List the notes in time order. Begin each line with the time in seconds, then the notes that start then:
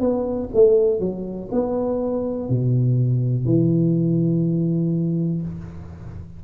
0.00 B3
0.54 A3
1.00 F#3
1.52 B3
2.49 B2
3.46 E3